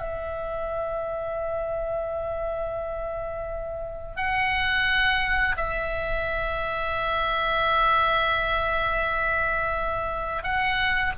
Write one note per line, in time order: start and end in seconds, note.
0.00 4.16 E5
4.16 5.56 F#5
5.57 10.43 E5
10.43 11.13 F#5